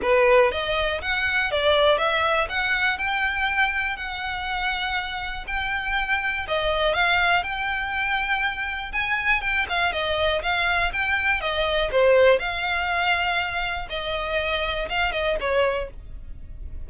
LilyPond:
\new Staff \with { instrumentName = "violin" } { \time 4/4 \tempo 4 = 121 b'4 dis''4 fis''4 d''4 | e''4 fis''4 g''2 | fis''2. g''4~ | g''4 dis''4 f''4 g''4~ |
g''2 gis''4 g''8 f''8 | dis''4 f''4 g''4 dis''4 | c''4 f''2. | dis''2 f''8 dis''8 cis''4 | }